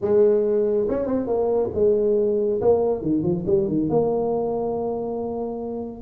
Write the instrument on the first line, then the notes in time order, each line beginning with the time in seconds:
tuba
0.01 G#3
0.88 C#4
1.06 C4
1.26 A#3
1.74 G#3
2.61 A#3
3.01 D#3
3.22 F3
3.46 G3
3.67 D#3
3.89 A#3